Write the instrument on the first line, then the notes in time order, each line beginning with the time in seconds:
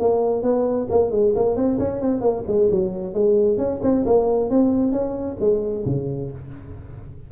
tuba
0.00 A#3
0.43 B3
0.90 A#3
1.11 G#3
1.35 A#3
1.56 C4
1.79 C#4
2.02 C4
2.21 A#3
2.48 G#3
2.71 F#3
3.14 G#3
3.58 C#4
3.83 C4
4.06 A#3
4.50 C4
4.92 C#4
5.40 G#3
5.86 C#3